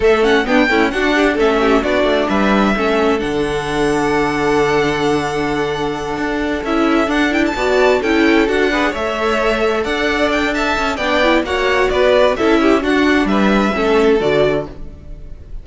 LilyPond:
<<
  \new Staff \with { instrumentName = "violin" } { \time 4/4 \tempo 4 = 131 e''8 fis''8 g''4 fis''4 e''4 | d''4 e''2 fis''4~ | fis''1~ | fis''2~ fis''8 e''4 fis''8 |
g''16 a''4~ a''16 g''4 fis''4 e''8~ | e''4. fis''4 g''8 a''4 | g''4 fis''4 d''4 e''4 | fis''4 e''2 d''4 | }
  \new Staff \with { instrumentName = "violin" } { \time 4/4 a'4 d'8 e'8 fis'8 g'8 a'8 g'8 | fis'4 b'4 a'2~ | a'1~ | a'1~ |
a'8 d''4 a'4. b'8 cis''8~ | cis''4. d''4. e''4 | d''4 cis''4 b'4 a'8 g'8 | fis'4 b'4 a'2 | }
  \new Staff \with { instrumentName = "viola" } { \time 4/4 a8 cis'8 b8 a8 d'4 cis'4 | d'2 cis'4 d'4~ | d'1~ | d'2~ d'8 e'4 d'8 |
e'8 fis'4 e'4 fis'8 gis'8 a'8~ | a'1 | d'8 e'8 fis'2 e'4 | d'2 cis'4 fis'4 | }
  \new Staff \with { instrumentName = "cello" } { \time 4/4 a4 b8 cis'8 d'4 a4 | b8 a8 g4 a4 d4~ | d1~ | d4. d'4 cis'4 d'8~ |
d'8 b4 cis'4 d'4 a8~ | a4. d'2 cis'8 | b4 ais4 b4 cis'4 | d'4 g4 a4 d4 | }
>>